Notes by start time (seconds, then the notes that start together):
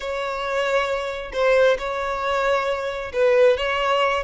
0.00 C#5
1.32 C5
1.78 C#5
3.12 B4
3.57 C#5